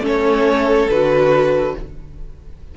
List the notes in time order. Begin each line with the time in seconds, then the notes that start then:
0.00 A3 C#4 A4 C#5
0.89 D3 F#4 B4